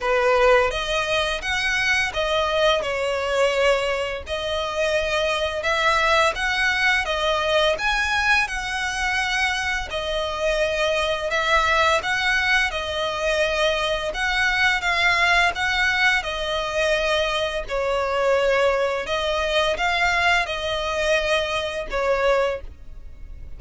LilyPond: \new Staff \with { instrumentName = "violin" } { \time 4/4 \tempo 4 = 85 b'4 dis''4 fis''4 dis''4 | cis''2 dis''2 | e''4 fis''4 dis''4 gis''4 | fis''2 dis''2 |
e''4 fis''4 dis''2 | fis''4 f''4 fis''4 dis''4~ | dis''4 cis''2 dis''4 | f''4 dis''2 cis''4 | }